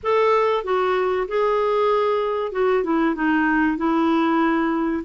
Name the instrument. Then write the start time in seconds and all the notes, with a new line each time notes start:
clarinet
0.03 A4
0.63 F#4
1.28 G#4
2.52 F#4
2.83 E4
3.15 D#4
3.77 E4